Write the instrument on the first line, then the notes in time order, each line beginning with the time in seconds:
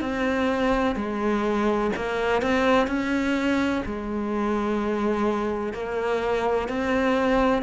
cello
0.00 C4
0.96 G#3
1.96 A#3
2.42 C4
2.87 C#4
3.86 G#3
5.73 A#3
6.68 C4